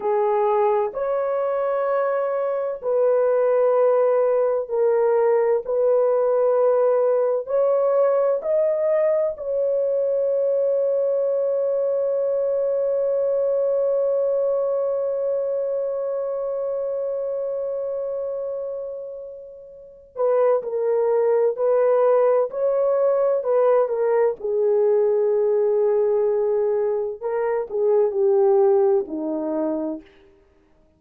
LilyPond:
\new Staff \with { instrumentName = "horn" } { \time 4/4 \tempo 4 = 64 gis'4 cis''2 b'4~ | b'4 ais'4 b'2 | cis''4 dis''4 cis''2~ | cis''1~ |
cis''1~ | cis''4. b'8 ais'4 b'4 | cis''4 b'8 ais'8 gis'2~ | gis'4 ais'8 gis'8 g'4 dis'4 | }